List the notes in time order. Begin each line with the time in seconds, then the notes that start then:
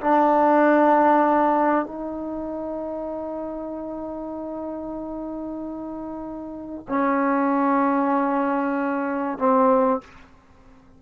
0.00 D4
1.85 D#4
6.88 C#4
9.38 C4